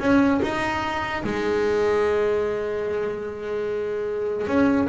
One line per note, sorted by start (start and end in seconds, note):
0.00 0.41 C#4
0.42 1.23 D#4
1.24 4.47 G#3
4.47 4.88 C#4